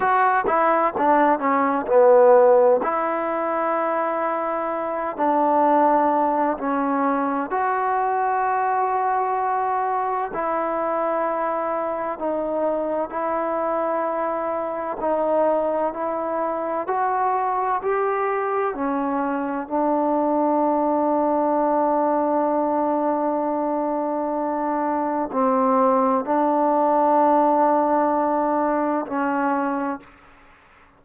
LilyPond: \new Staff \with { instrumentName = "trombone" } { \time 4/4 \tempo 4 = 64 fis'8 e'8 d'8 cis'8 b4 e'4~ | e'4. d'4. cis'4 | fis'2. e'4~ | e'4 dis'4 e'2 |
dis'4 e'4 fis'4 g'4 | cis'4 d'2.~ | d'2. c'4 | d'2. cis'4 | }